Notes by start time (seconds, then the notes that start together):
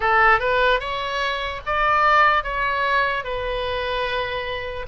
0.00 A4
0.39 B4
0.80 C#5
1.65 D5
2.43 C#5
3.24 B4